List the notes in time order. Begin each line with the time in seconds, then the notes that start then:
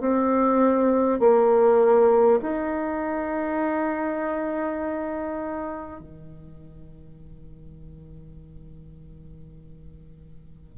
0.00 C4
1.19 A#3
2.42 D#4
6.00 D#3